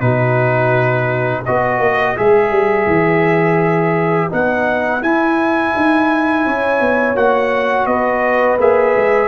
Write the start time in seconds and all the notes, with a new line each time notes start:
0.00 B2 D#4 F#4 B4
1.45 B3 F#4 B4 D#5
1.79 A#3
2.16 G#3 G#4 E5
2.50 G3
2.86 E3
4.29 B3 D#4 F#5
5.01 E4 G#5
5.76 D#4
6.45 C#4 C#5
6.80 B3
7.15 A#3 F#4 F#5
7.86 B3 B4 D#5
8.58 A#3 G#4 E5
8.96 G#3